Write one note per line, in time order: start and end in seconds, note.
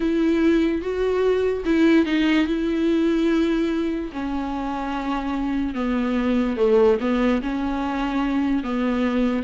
0.00 0.81 E4
0.81 1.63 F#4
1.65 2.05 E4
2.05 2.46 D#4
2.47 4.11 E4
4.12 5.74 C#4
5.74 6.56 B3
6.56 6.98 A3
7.00 7.41 B3
7.42 8.63 C#4
8.63 9.43 B3